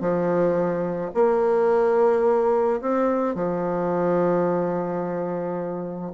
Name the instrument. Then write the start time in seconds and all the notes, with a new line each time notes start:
bassoon
0.00 F3
1.14 A#3
2.81 C4
3.35 F3